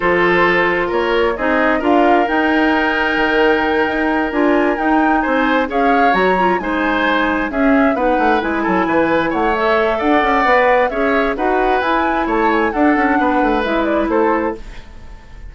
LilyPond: <<
  \new Staff \with { instrumentName = "flute" } { \time 4/4 \tempo 4 = 132 c''2 cis''4 dis''4 | f''4 g''2.~ | g''4. gis''4 g''4 gis''8~ | gis''8 f''4 ais''4 gis''4.~ |
gis''8 e''4 fis''4 gis''4.~ | gis''8 fis''8 e''4 fis''2 | e''4 fis''4 gis''4 a''8 gis''8 | fis''2 e''8 d''8 c''4 | }
  \new Staff \with { instrumentName = "oboe" } { \time 4/4 a'2 ais'4 gis'4 | ais'1~ | ais'2.~ ais'8 c''8~ | c''8 cis''2 c''4.~ |
c''8 gis'4 b'4. a'8 b'8~ | b'8 cis''4. d''2 | cis''4 b'2 cis''4 | a'4 b'2 a'4 | }
  \new Staff \with { instrumentName = "clarinet" } { \time 4/4 f'2. dis'4 | f'4 dis'2.~ | dis'4. f'4 dis'4.~ | dis'8 gis'4 fis'8 f'8 dis'4.~ |
dis'8 cis'4 dis'4 e'4.~ | e'4 a'2 b'4 | gis'4 fis'4 e'2 | d'2 e'2 | }
  \new Staff \with { instrumentName = "bassoon" } { \time 4/4 f2 ais4 c'4 | d'4 dis'2 dis4~ | dis8 dis'4 d'4 dis'4 c'8~ | c'8 cis'4 fis4 gis4.~ |
gis8 cis'4 b8 a8 gis8 fis8 e8~ | e8 a4. d'8 cis'8 b4 | cis'4 dis'4 e'4 a4 | d'8 cis'8 b8 a8 gis4 a4 | }
>>